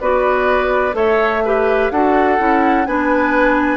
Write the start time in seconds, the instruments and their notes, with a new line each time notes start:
0.00 bassoon B3, clarinet F#4, oboe B4, flute D5
0.92 bassoon A3, clarinet A4, oboe C#5, flute E5
1.45 clarinet G4, oboe B4
1.91 bassoon D4, clarinet F#4, oboe A4, flute F#5
2.38 bassoon C#4, clarinet E4
2.86 bassoon B3, clarinet D4, oboe B4, flute G#5